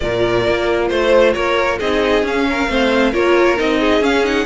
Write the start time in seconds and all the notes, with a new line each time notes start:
0.00 A#2 F4 A#4 D5
0.47 A#3
0.88 A3 C5
1.33 A#3 A#4 C#5
1.78 C4 D#4 G#4 D#5
2.23 C#4 F5
2.49 A#4
2.68 A3 C4 C5
3.11 A#3 F4 A#4 C#5
3.57 C4 D#4 D#5
3.79 G#4
4.01 C#4 F5
4.24 D#4 F#5